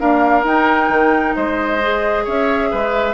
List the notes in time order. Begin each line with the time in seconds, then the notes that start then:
0.00 A#3 D4 A#4 F5
0.44 D#4 G5
0.89 D#3
1.35 G#3 C5 D#5
1.82 G#4
2.24 C#4 C#5 E5
2.71 G#3 B4